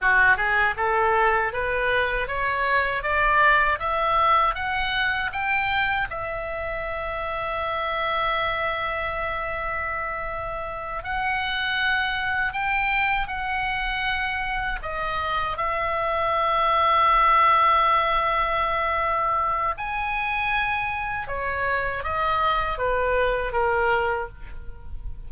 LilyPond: \new Staff \with { instrumentName = "oboe" } { \time 4/4 \tempo 4 = 79 fis'8 gis'8 a'4 b'4 cis''4 | d''4 e''4 fis''4 g''4 | e''1~ | e''2~ e''8 fis''4.~ |
fis''8 g''4 fis''2 dis''8~ | dis''8 e''2.~ e''8~ | e''2 gis''2 | cis''4 dis''4 b'4 ais'4 | }